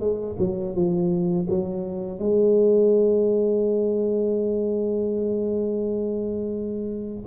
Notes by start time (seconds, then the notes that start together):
0.00 G#3
0.39 F#3
0.75 F3
1.50 F#3
2.19 G#3